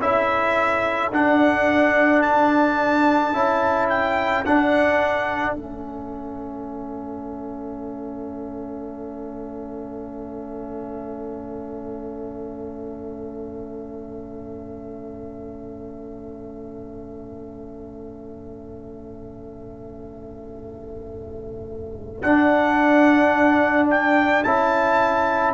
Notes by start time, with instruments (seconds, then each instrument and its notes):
0.00 tuba C#4, trombone E4, horn A4, trumpet E5
1.11 tuba D4, trombone D4, trumpet F#5
2.22 trumpet A5
3.33 tuba C#4, trombone E4
3.89 trumpet G5
4.45 trombone D4, tuba D4, trumpet F#5
5.54 tuba A3, trombone C#4, trumpet E5
22.22 tuba D4, trombone D4, trumpet F#5
23.90 trumpet G5
24.44 tuba C#4, trombone E4, trumpet A5